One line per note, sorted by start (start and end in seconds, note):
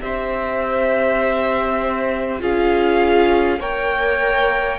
0.00 2.41 C4
0.00 2.39 G4
0.00 2.41 C5
0.00 2.41 E5
2.39 3.59 C#4
2.39 3.59 F4
2.39 3.59 G#4
2.39 3.61 F5
3.59 4.79 A#3
3.59 4.79 A#4
3.59 4.79 C#5
3.59 4.79 G5